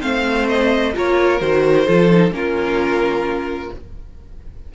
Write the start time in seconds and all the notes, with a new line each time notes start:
0.00 A3 C4 C5 F5
0.48 D#5
0.93 A#3 F4 A#4 C#5
1.40 D#3 F#4 C5
1.86 F3 F4 A4
2.11 D#4
2.31 A#3 C#4 F4 A#4